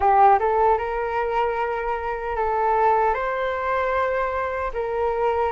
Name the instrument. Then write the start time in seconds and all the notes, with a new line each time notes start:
flute
0.00 G4
0.39 A4
0.78 A#4
2.35 A4
3.14 C5
4.73 A#4